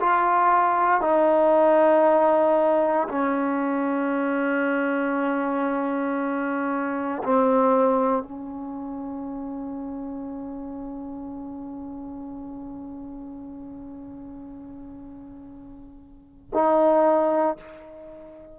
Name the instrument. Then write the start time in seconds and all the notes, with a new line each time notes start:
trombone
0.00 F4
1.01 D#4
3.09 C#4
7.23 C4
8.22 C#4
16.54 D#4